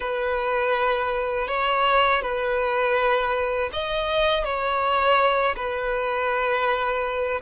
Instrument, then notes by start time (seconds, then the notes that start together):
violin
0.00 B4
1.47 C#5
2.22 B4
3.72 D#5
4.44 C#5
5.56 B4